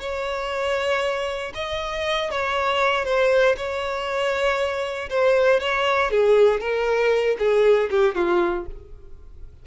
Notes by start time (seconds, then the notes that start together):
0.00 C#5
1.54 D#5
2.31 C#5
3.05 C5
3.57 C#5
5.09 C5
5.60 C#5
6.11 G#4
6.60 A#4
7.39 G#4
7.90 G4
8.15 F4